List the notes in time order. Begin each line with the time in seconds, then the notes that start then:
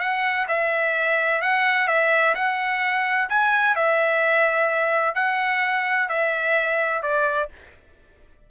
0.00 F#5
0.48 E5
1.42 F#5
1.88 E5
2.35 F#5
3.29 G#5
3.76 E5
5.15 F#5
6.09 E5
7.03 D5